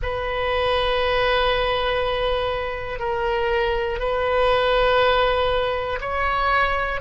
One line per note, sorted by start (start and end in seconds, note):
0.02 2.99 B4
2.99 3.99 A#4
3.99 5.99 B4
6.00 7.00 C#5